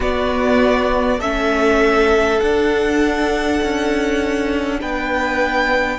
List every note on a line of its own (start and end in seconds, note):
0.00 1.19 B3
0.00 1.20 B3
0.00 1.19 F#4
0.00 1.20 D5
1.19 2.40 A3
1.19 2.41 C#4
1.19 4.79 A4
1.19 2.40 E5
2.40 5.98 D4
2.40 3.61 D4
2.40 4.80 F#5
3.62 4.82 C#4
4.80 5.98 B3
4.80 5.98 B4
4.80 5.98 G5